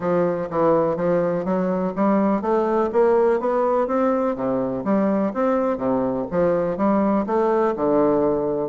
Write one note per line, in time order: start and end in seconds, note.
0.00 0.48 F3
0.50 0.96 E3
0.96 1.45 F3
1.45 1.93 F#3
1.95 2.41 G3
2.41 2.89 A3
2.92 3.40 A#3
3.40 3.87 B3
3.87 4.35 C4
4.35 4.83 C3
4.84 5.32 G3
5.33 5.77 C4
5.77 6.26 C3
6.30 6.77 F3
6.77 7.25 G3
7.26 7.74 A3
7.76 8.69 D3